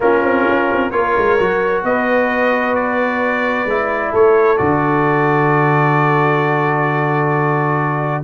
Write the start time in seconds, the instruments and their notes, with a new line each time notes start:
0.00 tuba A#3, trombone C#4, horn F4, trumpet A#4
0.23 tuba C4
0.49 tuba C#4
0.72 tuba C4
0.90 tuba A#3, trombone F4, horn A#4, trumpet C#5
1.17 tuba G#3
1.38 tuba F#3, trombone F#4
1.83 tuba B3, horn B4, trumpet D#5
2.75 trumpet D5
3.65 tuba G#3, trombone E4
4.11 tuba A3, horn A4, trumpet C#5
4.57 tuba D3, trombone F#4, trumpet D5